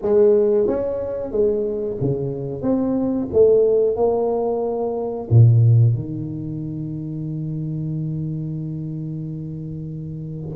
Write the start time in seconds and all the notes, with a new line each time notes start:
0.01 G#3
0.67 C#4
1.31 G#3
2.00 C#3
2.62 C4
3.33 A3
3.96 A#3
5.30 A#2
5.95 D#3